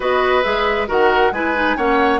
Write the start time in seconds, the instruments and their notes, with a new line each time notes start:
0.00 bassoon B3, clarinet F#4, oboe B4, flute D#5
0.43 bassoon G#3, clarinet G#4, flute E5
0.87 bassoon D#3, clarinet F#4, oboe A#4, flute F#5
1.31 bassoon G#3, clarinet E4, oboe B4, flute G#5
1.55 clarinet D#4
1.76 bassoon A#3, clarinet C#4, oboe C#5, flute F#5